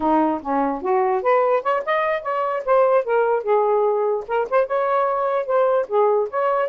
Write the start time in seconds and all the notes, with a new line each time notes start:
0.00 D#4
0.41 C#4
0.82 F#4
1.22 B4
1.62 C#5
1.85 D#5
2.22 C#5
2.65 C5
3.04 A#4
3.43 G#4
4.27 A#4
4.49 C5
4.67 C#5
5.45 C5
5.88 G#4
6.29 C#5